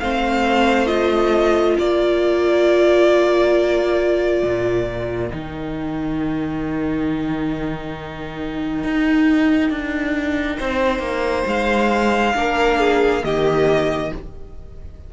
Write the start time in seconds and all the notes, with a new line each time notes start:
0.00 A3 C4 C5 F5
0.87 F4 D#5
1.76 A#3 A#4 D5
4.43 A#2
5.31 D#3 D#4 G5
8.84 D#4
9.71 D4
10.58 C4 C5
10.99 A#3
11.47 G#3 F5
12.35 A#3 D4 A#4
12.80 G#4
13.23 D#3 A#3 G4 D#5